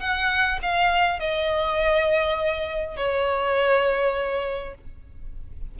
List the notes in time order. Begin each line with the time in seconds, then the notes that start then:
0.00 F#5
0.62 F5
1.19 D#5
2.97 C#5